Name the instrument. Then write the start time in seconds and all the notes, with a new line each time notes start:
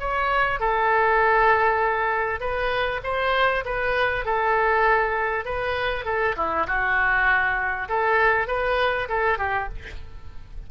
oboe
0.00 C#5
0.60 A4
2.40 B4
3.04 C5
3.66 B4
4.25 A4
5.45 B4
6.06 A4
6.37 E4
6.67 F#4
7.89 A4
8.48 B4
9.09 A4
9.39 G4